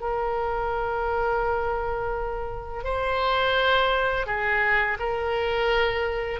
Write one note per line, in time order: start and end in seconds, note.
0.00 2.84 A#4
2.84 4.26 C5
4.26 4.98 G#4
4.99 6.40 A#4